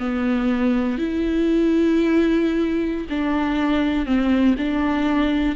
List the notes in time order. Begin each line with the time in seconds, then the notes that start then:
0.00 B3
0.98 E4
3.10 D4
4.06 C4
4.58 D4